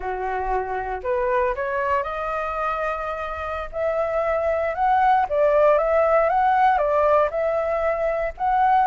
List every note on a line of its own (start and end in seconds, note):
0.00 1.01 F#4
1.03 1.54 B4
1.55 2.03 C#5
2.03 3.69 D#5
3.72 4.74 E5
4.74 5.26 F#5
5.29 5.78 D5
5.78 6.29 E5
6.29 6.78 F#5
6.78 7.29 D5
7.30 8.33 E5
8.37 8.86 F#5